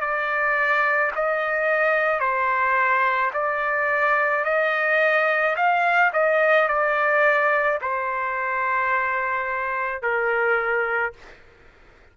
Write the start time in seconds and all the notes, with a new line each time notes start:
0.00 D5
1.15 D#5
2.20 C5
3.33 D5
4.44 D#5
5.56 F5
6.13 D#5
6.68 D5
7.81 C5
10.02 A#4